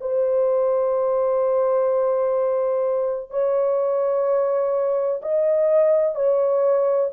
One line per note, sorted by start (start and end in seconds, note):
0.00 3.30 C5
3.30 5.21 C#5
5.22 6.15 D#5
6.15 7.10 C#5